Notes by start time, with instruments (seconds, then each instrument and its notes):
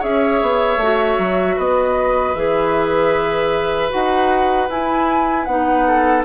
0.00 bassoon C#4, clarinet G#4, oboe C#5, flute E5
0.42 bassoon B3
0.77 bassoon A3, clarinet F#4
1.18 bassoon F#3
1.57 bassoon B3, oboe B4, flute D#5
2.35 bassoon E3, clarinet G#4, flute E5
3.90 bassoon D#4, clarinet F#4, flute F#5
4.69 bassoon E4, clarinet E4, flute G#5
5.45 bassoon B3, clarinet D#4, flute F#5
5.87 oboe A4